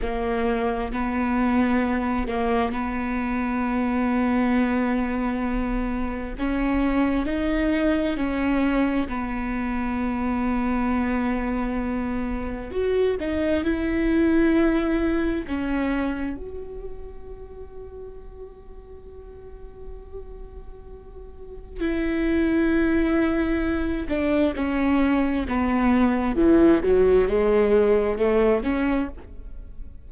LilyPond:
\new Staff \with { instrumentName = "viola" } { \time 4/4 \tempo 4 = 66 ais4 b4. ais8 b4~ | b2. cis'4 | dis'4 cis'4 b2~ | b2 fis'8 dis'8 e'4~ |
e'4 cis'4 fis'2~ | fis'1 | e'2~ e'8 d'8 cis'4 | b4 e8 fis8 gis4 a8 cis'8 | }